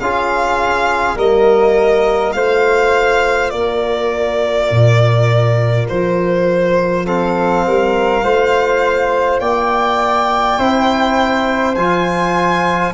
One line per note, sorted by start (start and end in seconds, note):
0.00 1.15 C#4
0.00 1.19 F4
0.00 1.16 G#4
0.00 1.18 F5
1.15 2.32 G3
1.15 2.35 A#3
1.15 2.34 A#4
1.15 2.33 D#5
2.33 3.52 A3
2.33 7.05 F4
2.33 3.53 C5
2.33 3.50 F5
3.50 4.70 A#3
3.50 7.06 A#4
3.50 5.85 D5
4.71 5.88 A#2
5.88 7.66 F3
5.88 7.06 C5
7.05 8.23 C4
7.05 7.65 A4
7.05 9.40 F5
7.66 8.23 G3
7.66 8.24 A#4
8.23 9.40 A3
8.23 10.58 F4
8.23 9.40 C5
9.40 10.58 A#3
9.40 10.58 D5
9.40 11.75 G5
10.58 11.76 C4
10.58 11.76 E4
10.58 12.93 C5
11.75 12.94 F3
11.75 12.94 F4
11.75 12.93 G#5